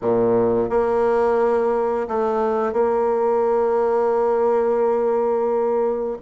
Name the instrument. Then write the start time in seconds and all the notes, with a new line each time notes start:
bassoon
0.01 A#2
0.69 A#3
2.08 A3
2.72 A#3